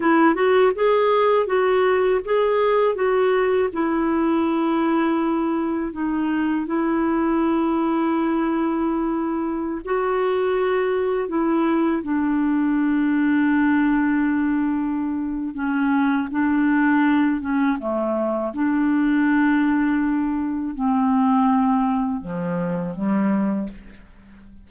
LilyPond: \new Staff \with { instrumentName = "clarinet" } { \time 4/4 \tempo 4 = 81 e'8 fis'8 gis'4 fis'4 gis'4 | fis'4 e'2. | dis'4 e'2.~ | e'4~ e'16 fis'2 e'8.~ |
e'16 d'2.~ d'8.~ | d'4 cis'4 d'4. cis'8 | a4 d'2. | c'2 f4 g4 | }